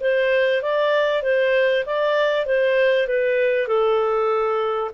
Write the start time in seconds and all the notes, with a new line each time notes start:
0.00 C5
0.62 D5
1.22 C5
1.86 D5
2.45 C5
3.07 B4
3.67 A4